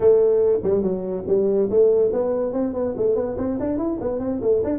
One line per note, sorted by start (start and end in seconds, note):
0.00 0.59 A3
0.63 0.82 G3
0.82 1.24 F#3
1.27 1.69 G3
1.69 2.11 A3
2.12 2.53 B3
2.53 2.73 C4
2.73 2.94 B3
2.96 3.15 A3
3.15 3.36 B3
3.37 3.58 C4
3.59 3.77 D4
3.77 3.98 E4
4.00 4.19 B3
4.19 4.40 C4
4.41 4.62 A3
4.64 4.78 D4